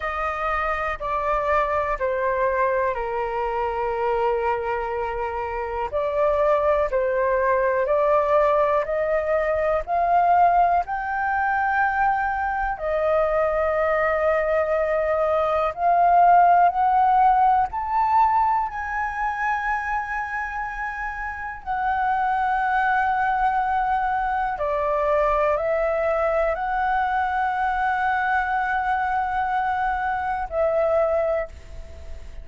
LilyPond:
\new Staff \with { instrumentName = "flute" } { \time 4/4 \tempo 4 = 61 dis''4 d''4 c''4 ais'4~ | ais'2 d''4 c''4 | d''4 dis''4 f''4 g''4~ | g''4 dis''2. |
f''4 fis''4 a''4 gis''4~ | gis''2 fis''2~ | fis''4 d''4 e''4 fis''4~ | fis''2. e''4 | }